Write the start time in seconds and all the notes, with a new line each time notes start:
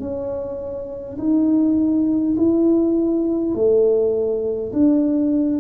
0.00 C#4
1.18 D#4
2.37 E4
3.55 A3
4.73 D4